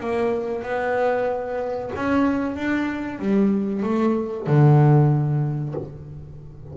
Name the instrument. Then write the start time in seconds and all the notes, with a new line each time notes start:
double bass
0.00 A#3
0.63 B3
1.95 C#4
2.56 D4
3.19 G3
3.83 A3
4.47 D3